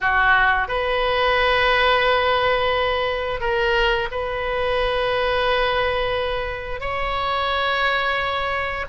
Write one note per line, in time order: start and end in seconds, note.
0.00 0.68 F#4
0.68 3.40 B4
3.40 4.08 A#4
4.11 6.80 B4
6.80 8.85 C#5